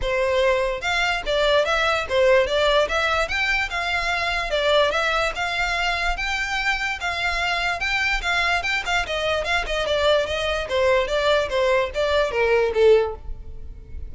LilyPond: \new Staff \with { instrumentName = "violin" } { \time 4/4 \tempo 4 = 146 c''2 f''4 d''4 | e''4 c''4 d''4 e''4 | g''4 f''2 d''4 | e''4 f''2 g''4~ |
g''4 f''2 g''4 | f''4 g''8 f''8 dis''4 f''8 dis''8 | d''4 dis''4 c''4 d''4 | c''4 d''4 ais'4 a'4 | }